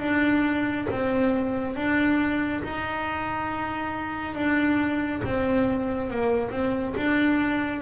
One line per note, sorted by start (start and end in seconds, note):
0.00 0.87 D4
0.91 1.76 C4
1.76 2.63 D4
2.64 4.35 D#4
4.35 5.22 D4
5.25 6.10 C4
6.10 6.51 A#3
6.51 6.94 C4
6.96 7.82 D4